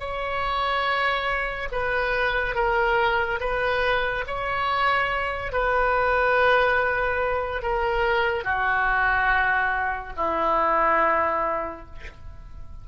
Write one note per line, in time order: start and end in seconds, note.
0.00 1.69 C#5
1.72 2.55 B4
2.55 3.40 A#4
3.40 4.25 B4
4.27 5.52 C#5
5.52 7.62 B4
7.62 8.44 A#4
8.44 10.13 F#4
10.17 11.86 E4